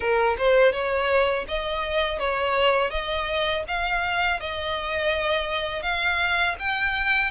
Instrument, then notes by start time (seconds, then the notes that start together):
violin
0.00 A#4
0.38 C5
0.72 C#5
1.48 D#5
2.19 C#5
2.90 D#5
3.68 F5
4.39 D#5
5.82 F5
6.59 G5